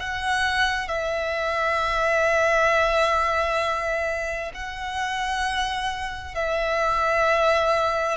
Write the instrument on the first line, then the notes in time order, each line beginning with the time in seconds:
violin
0.00 F#5
0.88 E5
4.54 F#5
6.35 E5